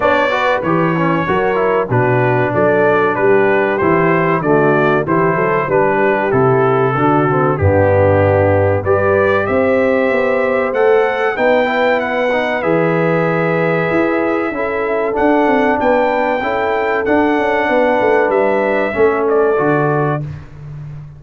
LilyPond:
<<
  \new Staff \with { instrumentName = "trumpet" } { \time 4/4 \tempo 4 = 95 d''4 cis''2 b'4 | d''4 b'4 c''4 d''4 | c''4 b'4 a'2 | g'2 d''4 e''4~ |
e''4 fis''4 g''4 fis''4 | e''1 | fis''4 g''2 fis''4~ | fis''4 e''4. d''4. | }
  \new Staff \with { instrumentName = "horn" } { \time 4/4 cis''8 b'4. ais'4 fis'4 | a'4 g'2 fis'4 | g'8 a'8 b'8 g'4. fis'4 | d'2 b'4 c''4~ |
c''2 b'2~ | b'2. a'4~ | a'4 b'4 a'2 | b'2 a'2 | }
  \new Staff \with { instrumentName = "trombone" } { \time 4/4 d'8 fis'8 g'8 cis'8 fis'8 e'8 d'4~ | d'2 e'4 a4 | e'4 d'4 e'4 d'8 c'8 | b2 g'2~ |
g'4 a'4 dis'8 e'4 dis'8 | gis'2. e'4 | d'2 e'4 d'4~ | d'2 cis'4 fis'4 | }
  \new Staff \with { instrumentName = "tuba" } { \time 4/4 b4 e4 fis4 b,4 | fis4 g4 e4 d4 | e8 fis8 g4 c4 d4 | g,2 g4 c'4 |
b4 a4 b2 | e2 e'4 cis'4 | d'8 c'8 b4 cis'4 d'8 cis'8 | b8 a8 g4 a4 d4 | }
>>